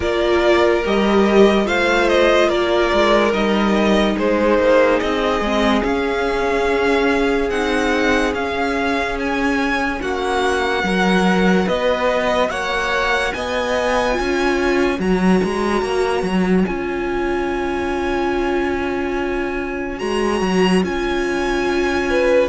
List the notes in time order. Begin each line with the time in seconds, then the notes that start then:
0.00 A#3 F4 A#4 D5
0.84 G3 G4 D#5
1.64 A3 F4 C5 F5
2.08 D#5
2.48 A#3 A#4 D5
2.93 G#3
3.32 G3 D#4 D#5
4.17 G#3 G#4 C5
4.58 A#3
4.99 C4 D#5
5.40 G#3 C4
5.82 C#4 F5
7.49 C4 D#4 F#5
8.33 C#4 F5
9.19 G#5
10.01 A#3 F#4 F#5
10.83 F#3 F#4 A#4
11.65 B3 B4 D#5
12.49 A#3 C#5 F#5
13.33 B3 D#5 G#5
14.12 F4 C#5
14.19 C#4
14.98 F#3 F#4 A#5
15.43 G#3
15.81 A#3
16.22 F#3
16.65 C#4 F4 G#5
19.97 G#3 F#4 A#5
20.41 F#3
20.83 C#4 F4 G#5
22.09 B4